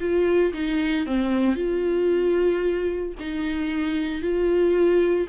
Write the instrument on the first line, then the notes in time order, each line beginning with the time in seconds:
viola
0.00 F4
0.54 D#4
1.06 C4
1.55 F4
3.19 D#4
4.22 F4